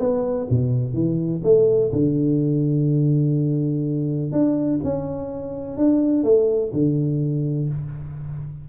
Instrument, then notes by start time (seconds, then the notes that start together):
tuba
0.00 B3
0.50 B2
0.94 E3
1.44 A3
1.93 D3
4.32 D4
4.84 C#4
5.77 D4
6.24 A3
6.73 D3